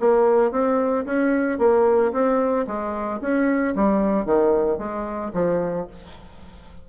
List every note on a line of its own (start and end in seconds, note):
0.00 0.52 A#3
0.52 1.05 C4
1.06 1.59 C#4
1.59 2.12 A#3
2.13 2.66 C4
2.67 3.20 G#3
3.21 3.75 C#4
3.75 4.26 G3
4.26 4.78 D#3
4.78 5.32 G#3
5.34 5.87 F3